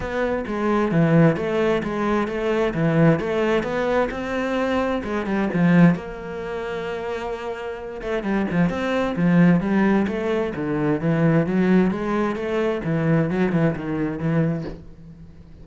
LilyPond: \new Staff \with { instrumentName = "cello" } { \time 4/4 \tempo 4 = 131 b4 gis4 e4 a4 | gis4 a4 e4 a4 | b4 c'2 gis8 g8 | f4 ais2.~ |
ais4. a8 g8 f8 c'4 | f4 g4 a4 d4 | e4 fis4 gis4 a4 | e4 fis8 e8 dis4 e4 | }